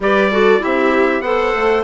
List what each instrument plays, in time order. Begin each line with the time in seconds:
0.00 bassoon G3, clarinet G4, viola B4, trumpet D5
0.30 clarinet F#4, viola A4
0.60 bassoon C4, clarinet E4, viola G4, trumpet E5
1.20 bassoon B3, clarinet A4, viola C5, trumpet F#5
1.55 bassoon A3